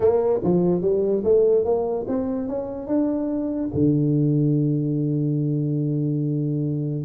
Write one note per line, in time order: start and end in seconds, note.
0.00 0.40 A#3
0.43 0.81 F3
0.81 1.23 G3
1.24 1.64 A3
1.64 2.06 A#3
2.07 2.47 C4
2.47 2.87 C#4
2.87 3.70 D4
3.74 7.04 D3